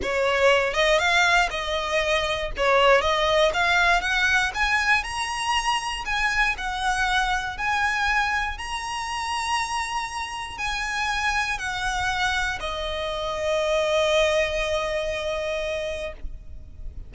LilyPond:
\new Staff \with { instrumentName = "violin" } { \time 4/4 \tempo 4 = 119 cis''4. dis''8 f''4 dis''4~ | dis''4 cis''4 dis''4 f''4 | fis''4 gis''4 ais''2 | gis''4 fis''2 gis''4~ |
gis''4 ais''2.~ | ais''4 gis''2 fis''4~ | fis''4 dis''2.~ | dis''1 | }